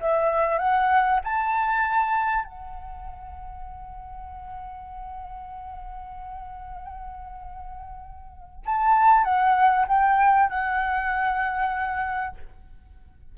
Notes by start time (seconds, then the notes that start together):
0.00 E5
0.58 F#5
1.24 A5
2.44 F#5
8.65 A5
9.24 F#5
9.87 G5
10.49 F#5